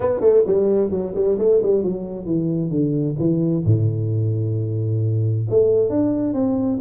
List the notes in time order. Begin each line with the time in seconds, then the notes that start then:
0.00 B3
0.20 A3
0.46 G3
0.90 F#3
1.15 G3
1.38 A3
1.62 G3
1.83 F#3
2.25 E3
2.70 D3
3.18 E3
3.65 A2
5.50 A3
5.89 D4
6.33 C4